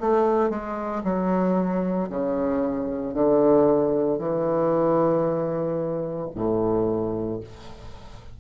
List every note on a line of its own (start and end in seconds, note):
0.00 0.50 A3
0.50 1.02 G#3
1.04 2.09 F#3
2.10 3.14 C#3
3.14 4.19 D3
4.19 6.29 E3
6.35 7.40 A2